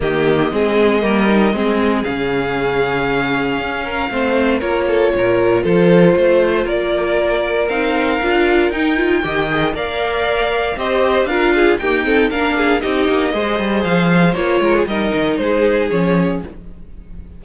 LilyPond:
<<
  \new Staff \with { instrumentName = "violin" } { \time 4/4 \tempo 4 = 117 dis''1 | f''1~ | f''4 cis''2 c''4~ | c''4 d''2 f''4~ |
f''4 g''2 f''4~ | f''4 dis''4 f''4 g''4 | f''4 dis''2 f''4 | cis''4 dis''4 c''4 cis''4 | }
  \new Staff \with { instrumentName = "violin" } { \time 4/4 g'4 gis'4 ais'4 gis'4~ | gis'2.~ gis'8 ais'8 | c''4 ais'8 a'8 ais'4 a'4 | c''4 ais'2.~ |
ais'2 dis''4 d''4~ | d''4 c''4 ais'8 gis'8 g'8 a'8 | ais'8 gis'8 g'4 c''2~ | c''8 ais'16 gis'16 ais'4 gis'2 | }
  \new Staff \with { instrumentName = "viola" } { \time 4/4 ais4 c'4 ais8 dis'8 c'4 | cis'1 | c'4 f'2.~ | f'2. dis'4 |
f'4 dis'8 f'8 g'8 gis'8 ais'4~ | ais'4 g'4 f'4 ais8 c'8 | d'4 dis'4 gis'2 | f'4 dis'2 cis'4 | }
  \new Staff \with { instrumentName = "cello" } { \time 4/4 dis4 gis4 g4 gis4 | cis2. cis'4 | a4 ais4 ais,4 f4 | a4 ais2 c'4 |
d'4 dis'4 dis4 ais4~ | ais4 c'4 d'4 dis'4 | ais4 c'8 ais8 gis8 g8 f4 | ais8 gis8 g8 dis8 gis4 f4 | }
>>